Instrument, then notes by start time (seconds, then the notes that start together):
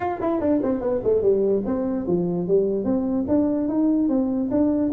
tuba
0.00 F4
0.20 E4
0.40 D4
0.62 C4
0.81 B3
1.03 A3
1.22 G3
1.65 C4
2.07 F3
2.47 G3
2.84 C4
3.28 D4
3.67 D#4
4.08 C4
4.50 D4